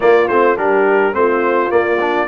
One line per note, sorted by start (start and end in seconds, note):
0.00 0.26 A#3
0.00 0.29 A#3
0.00 0.57 F4
0.00 0.28 D5
0.28 0.57 A3
0.28 0.56 C4
0.28 0.56 C5
0.56 1.13 G3
0.56 1.12 D4
0.56 1.14 G4
0.56 1.14 A#4
1.12 1.71 A3
1.12 1.69 C4
1.12 2.27 F4
1.12 1.71 C5
1.69 1.98 A#3
1.69 2.27 A#3
1.69 2.27 D5
2.00 2.27 D4